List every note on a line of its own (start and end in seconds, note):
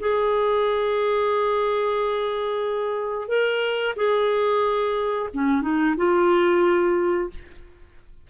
0.00 3.28 G#4
3.28 3.95 A#4
3.96 5.29 G#4
5.34 5.62 C#4
5.62 5.95 D#4
5.97 7.30 F4